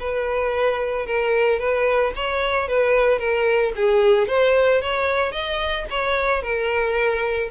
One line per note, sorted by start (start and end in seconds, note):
0.00 1.07 B4
1.07 1.60 A#4
1.60 2.14 B4
2.16 2.69 C#5
2.69 3.19 B4
3.19 3.73 A#4
3.76 4.28 G#4
4.28 4.82 C5
4.82 5.32 C#5
5.32 5.86 D#5
5.91 6.42 C#5
6.42 7.50 A#4